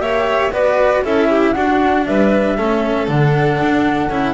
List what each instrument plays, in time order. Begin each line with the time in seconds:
0.00 double bass A#3, cello G4, violin C#5, flute E5
0.52 double bass B3, cello F#4, violin B4, flute D5
1.04 double bass C#4, cello E4, violin A4, flute E5
1.30 violin G4
1.53 cello D4, double bass D4, violin F#4, flute F#5
2.06 double bass G3, violin B4, flute E5
2.57 double bass A3, cello C#4, violin A4
3.08 double bass D3, cello D4, flute F#5
3.62 double bass D4
4.10 double bass C#4, cello E4